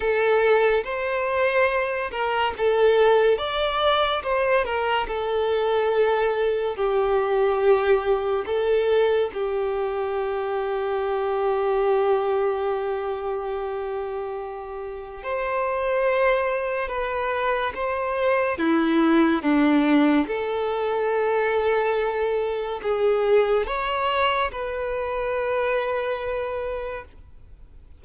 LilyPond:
\new Staff \with { instrumentName = "violin" } { \time 4/4 \tempo 4 = 71 a'4 c''4. ais'8 a'4 | d''4 c''8 ais'8 a'2 | g'2 a'4 g'4~ | g'1~ |
g'2 c''2 | b'4 c''4 e'4 d'4 | a'2. gis'4 | cis''4 b'2. | }